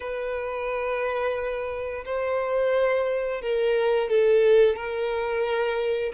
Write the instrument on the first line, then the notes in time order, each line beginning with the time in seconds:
violin
0.00 B4
2.05 C5
3.41 A#4
4.09 A4
4.76 A#4